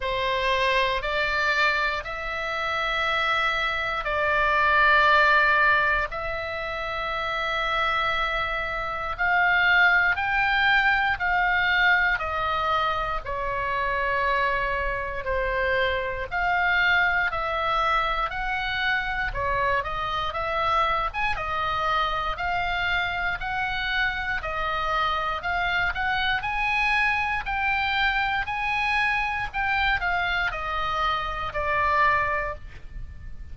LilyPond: \new Staff \with { instrumentName = "oboe" } { \time 4/4 \tempo 4 = 59 c''4 d''4 e''2 | d''2 e''2~ | e''4 f''4 g''4 f''4 | dis''4 cis''2 c''4 |
f''4 e''4 fis''4 cis''8 dis''8 | e''8. gis''16 dis''4 f''4 fis''4 | dis''4 f''8 fis''8 gis''4 g''4 | gis''4 g''8 f''8 dis''4 d''4 | }